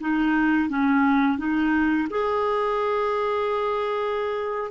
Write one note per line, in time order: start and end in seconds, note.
0.00 0.69 D#4
0.69 1.38 C#4
1.38 2.08 D#4
2.10 4.71 G#4